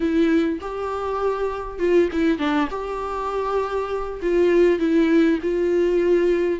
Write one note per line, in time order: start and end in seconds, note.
0.00 0.59 E4
0.60 1.78 G4
1.78 2.08 F4
2.12 2.38 E4
2.38 2.68 D4
2.70 4.20 G4
4.21 4.79 F4
4.79 5.39 E4
5.42 6.59 F4